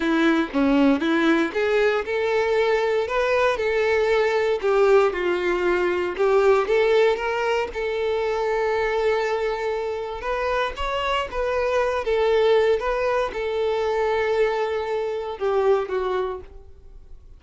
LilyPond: \new Staff \with { instrumentName = "violin" } { \time 4/4 \tempo 4 = 117 e'4 cis'4 e'4 gis'4 | a'2 b'4 a'4~ | a'4 g'4 f'2 | g'4 a'4 ais'4 a'4~ |
a'1 | b'4 cis''4 b'4. a'8~ | a'4 b'4 a'2~ | a'2 g'4 fis'4 | }